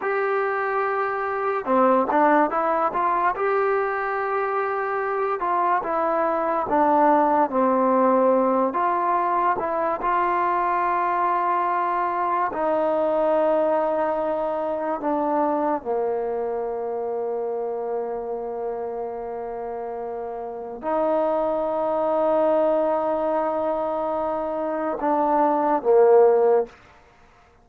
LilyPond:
\new Staff \with { instrumentName = "trombone" } { \time 4/4 \tempo 4 = 72 g'2 c'8 d'8 e'8 f'8 | g'2~ g'8 f'8 e'4 | d'4 c'4. f'4 e'8 | f'2. dis'4~ |
dis'2 d'4 ais4~ | ais1~ | ais4 dis'2.~ | dis'2 d'4 ais4 | }